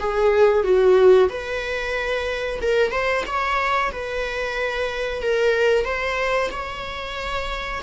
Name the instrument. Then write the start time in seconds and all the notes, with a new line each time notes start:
viola
0.00 G#4
0.64 F#4
1.30 B4
2.62 A#4
2.92 C5
3.27 C#5
3.92 B4
5.23 A#4
5.85 C5
6.52 C#5